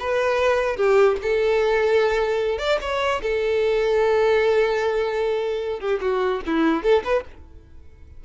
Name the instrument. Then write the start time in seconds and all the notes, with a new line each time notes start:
violin
0.00 B4
0.77 G4
1.22 A4
2.58 D5
2.81 C#5
3.22 A4
5.79 G4
6.01 F#4
6.46 E4
6.83 A4
7.04 B4